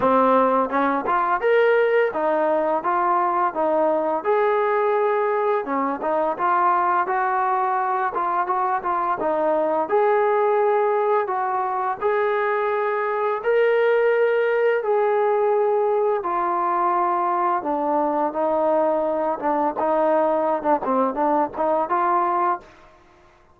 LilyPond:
\new Staff \with { instrumentName = "trombone" } { \time 4/4 \tempo 4 = 85 c'4 cis'8 f'8 ais'4 dis'4 | f'4 dis'4 gis'2 | cis'8 dis'8 f'4 fis'4. f'8 | fis'8 f'8 dis'4 gis'2 |
fis'4 gis'2 ais'4~ | ais'4 gis'2 f'4~ | f'4 d'4 dis'4. d'8 | dis'4~ dis'16 d'16 c'8 d'8 dis'8 f'4 | }